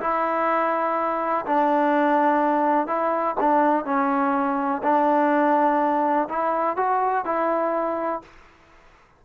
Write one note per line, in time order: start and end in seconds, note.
0.00 1.45 E4
1.45 2.87 D4
2.87 3.35 E4
3.40 3.85 D4
3.85 4.81 C#4
4.83 6.28 D4
6.28 6.76 E4
6.76 7.24 F#4
7.25 8.21 E4